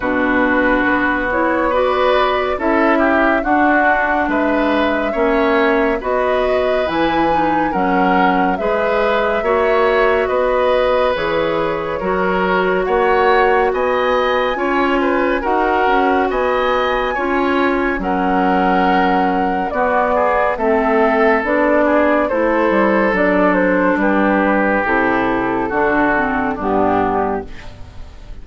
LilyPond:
<<
  \new Staff \with { instrumentName = "flute" } { \time 4/4 \tempo 4 = 70 b'4. cis''8 d''4 e''4 | fis''4 e''2 dis''4 | gis''4 fis''4 e''2 | dis''4 cis''2 fis''4 |
gis''2 fis''4 gis''4~ | gis''4 fis''2 d''4 | e''4 d''4 c''4 d''8 c''8 | b'4 a'2 g'4 | }
  \new Staff \with { instrumentName = "oboe" } { \time 4/4 fis'2 b'4 a'8 g'8 | fis'4 b'4 cis''4 b'4~ | b'4 ais'4 b'4 cis''4 | b'2 ais'4 cis''4 |
dis''4 cis''8 b'8 ais'4 dis''4 | cis''4 ais'2 fis'8 gis'8 | a'4. gis'8 a'2 | g'2 fis'4 d'4 | }
  \new Staff \with { instrumentName = "clarinet" } { \time 4/4 d'4. e'8 fis'4 e'4 | d'2 cis'4 fis'4 | e'8 dis'8 cis'4 gis'4 fis'4~ | fis'4 gis'4 fis'2~ |
fis'4 f'4 fis'2 | f'4 cis'2 b4 | c'4 d'4 e'4 d'4~ | d'4 e'4 d'8 c'8 b4 | }
  \new Staff \with { instrumentName = "bassoon" } { \time 4/4 b,4 b2 cis'4 | d'4 gis4 ais4 b4 | e4 fis4 gis4 ais4 | b4 e4 fis4 ais4 |
b4 cis'4 dis'8 cis'8 b4 | cis'4 fis2 b4 | a4 b4 a8 g8 fis4 | g4 c4 d4 g,4 | }
>>